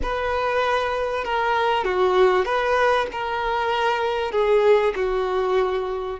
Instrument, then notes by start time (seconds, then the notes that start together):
violin
0.02 B4
1.24 A#4
1.84 F#4
2.45 B4
3.12 A#4
4.31 G#4
4.95 F#4